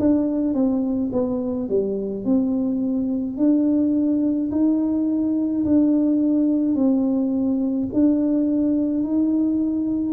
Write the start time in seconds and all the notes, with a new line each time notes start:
0.00 D4
0.55 C4
1.13 B3
1.69 G3
2.25 C4
3.38 D4
4.52 D#4
5.65 D4
6.76 C4
7.94 D4
9.04 D#4